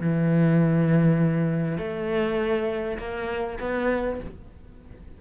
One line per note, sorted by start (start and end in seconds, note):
0.00 1.78 E3
1.78 2.98 A3
2.98 3.58 A#3
3.60 4.20 B3